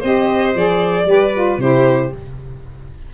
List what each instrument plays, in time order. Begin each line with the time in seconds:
0.00 tuba C4, saxophone G4, violin C5 D#5
0.55 tuba F3, saxophone G#4, violin D5
1.05 tuba G3, saxophone G4, violin B4
1.34 saxophone F4
1.58 tuba C3, saxophone E4, violin G4 C5